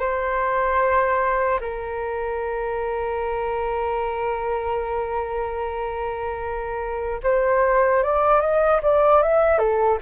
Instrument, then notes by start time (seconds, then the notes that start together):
flute
0.00 C5
1.60 A#4
7.23 C5
8.03 D5
8.41 D#5
8.83 D5
9.23 E5
9.59 A4